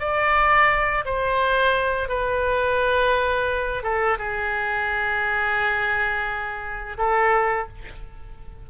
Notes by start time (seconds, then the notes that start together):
0.00 D5
1.05 C5
2.09 B4
3.83 A4
4.18 G#4
6.98 A4